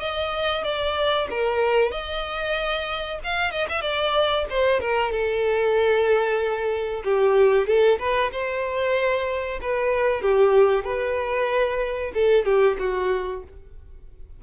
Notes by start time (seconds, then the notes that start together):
0.00 D#5
0.64 D5
1.30 A#4
1.91 D#5
3.24 F5
3.51 D#5
3.69 E5
3.82 D5
4.50 C5
4.80 A#4
5.12 A4
7.04 G4
7.67 A4
7.99 B4
8.32 C5
9.62 B4
10.22 G4
10.84 B4
12.14 A4
12.45 G4
12.79 F#4